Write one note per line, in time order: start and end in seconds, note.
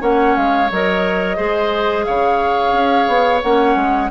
0.00 0.36 A#3
0.00 0.68 C#4
0.00 1.37 C#5
0.00 0.36 F#5
0.36 0.71 G#3
0.36 0.70 F5
0.71 1.38 F#3
0.71 1.37 A#4
0.71 2.04 D#5
1.37 2.07 G#3
1.37 3.41 G#4
1.37 2.05 C5
2.04 2.73 C#3
2.04 4.11 C#5
2.04 3.41 F5
2.73 3.07 C#4
3.08 3.42 B3
3.42 3.76 A#3
3.42 4.11 C#4
3.42 4.11 F#5
3.76 4.10 G#3